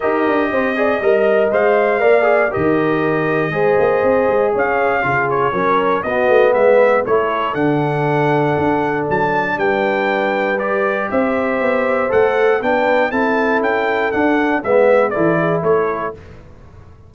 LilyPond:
<<
  \new Staff \with { instrumentName = "trumpet" } { \time 4/4 \tempo 4 = 119 dis''2. f''4~ | f''4 dis''2.~ | dis''4 f''4. cis''4. | dis''4 e''4 cis''4 fis''4~ |
fis''2 a''4 g''4~ | g''4 d''4 e''2 | fis''4 g''4 a''4 g''4 | fis''4 e''4 d''4 cis''4 | }
  \new Staff \with { instrumentName = "horn" } { \time 4/4 ais'4 c''8 d''8 dis''2 | d''4 ais'2 c''4~ | c''4 cis''4 gis'4 ais'4 | fis'4 b'4 a'2~ |
a'2. b'4~ | b'2 c''2~ | c''4 b'4 a'2~ | a'4 b'4 a'8 gis'8 a'4 | }
  \new Staff \with { instrumentName = "trombone" } { \time 4/4 g'4. gis'8 ais'4 c''4 | ais'8 gis'8 g'2 gis'4~ | gis'2 f'4 cis'4 | b2 e'4 d'4~ |
d'1~ | d'4 g'2. | a'4 d'4 e'2 | d'4 b4 e'2 | }
  \new Staff \with { instrumentName = "tuba" } { \time 4/4 dis'8 d'8 c'4 g4 gis4 | ais4 dis2 gis8 ais8 | c'8 gis8 cis'4 cis4 fis4 | b8 a8 gis4 a4 d4~ |
d4 d'4 fis4 g4~ | g2 c'4 b4 | a4 b4 c'4 cis'4 | d'4 gis4 e4 a4 | }
>>